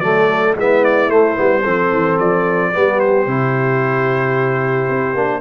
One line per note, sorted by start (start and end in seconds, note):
0.00 0.54 F#3
0.00 0.56 A3
0.00 0.58 A4
0.00 0.54 D5
0.55 1.09 G#3
0.55 1.10 B3
0.55 1.61 E4
0.55 0.84 E5
0.84 1.10 D5
1.09 1.36 A3
1.09 2.18 C5
1.36 1.65 G3
1.36 1.63 B3
1.61 1.92 F3
1.61 2.73 C4
1.61 2.69 A4
1.92 2.19 E3
2.19 2.74 F3
2.19 3.00 D5
2.73 3.27 G3
2.73 3.27 B3
2.73 5.41 G4
3.00 5.41 C5
3.27 4.89 C3
3.27 5.16 E4
4.89 5.14 C4
5.14 5.41 A#3
5.14 5.41 D4